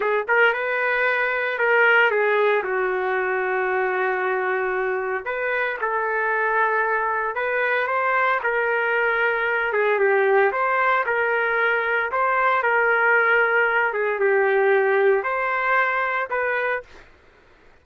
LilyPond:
\new Staff \with { instrumentName = "trumpet" } { \time 4/4 \tempo 4 = 114 gis'8 ais'8 b'2 ais'4 | gis'4 fis'2.~ | fis'2 b'4 a'4~ | a'2 b'4 c''4 |
ais'2~ ais'8 gis'8 g'4 | c''4 ais'2 c''4 | ais'2~ ais'8 gis'8 g'4~ | g'4 c''2 b'4 | }